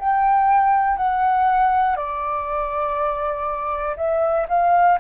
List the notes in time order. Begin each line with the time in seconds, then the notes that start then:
0.00 G5
0.98 F#5
1.97 D5
3.97 E5
4.49 F5